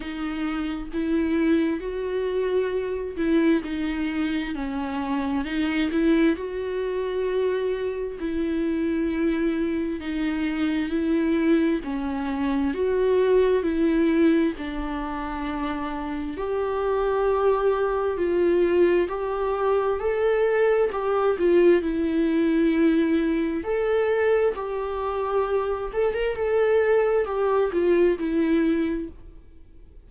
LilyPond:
\new Staff \with { instrumentName = "viola" } { \time 4/4 \tempo 4 = 66 dis'4 e'4 fis'4. e'8 | dis'4 cis'4 dis'8 e'8 fis'4~ | fis'4 e'2 dis'4 | e'4 cis'4 fis'4 e'4 |
d'2 g'2 | f'4 g'4 a'4 g'8 f'8 | e'2 a'4 g'4~ | g'8 a'16 ais'16 a'4 g'8 f'8 e'4 | }